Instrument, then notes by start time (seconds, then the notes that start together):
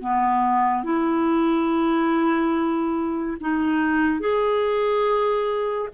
clarinet
0.00 B3
0.83 E4
3.40 D#4
4.20 G#4